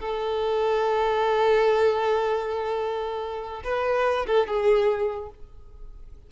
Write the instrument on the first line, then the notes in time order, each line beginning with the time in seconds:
violin
0.00 A4
3.64 B4
4.27 A4
4.47 G#4